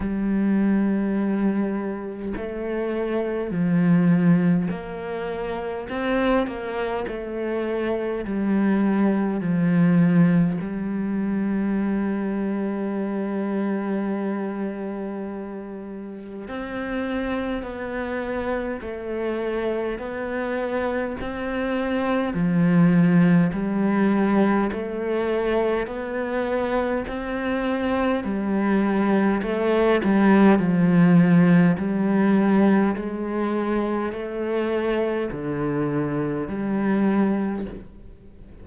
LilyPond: \new Staff \with { instrumentName = "cello" } { \time 4/4 \tempo 4 = 51 g2 a4 f4 | ais4 c'8 ais8 a4 g4 | f4 g2.~ | g2 c'4 b4 |
a4 b4 c'4 f4 | g4 a4 b4 c'4 | g4 a8 g8 f4 g4 | gis4 a4 d4 g4 | }